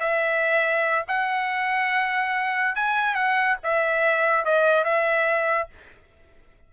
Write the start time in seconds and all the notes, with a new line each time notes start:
0.00 E5
1.08 F#5
2.76 G#5
3.15 F#5
3.64 E5
4.45 D#5
4.84 E5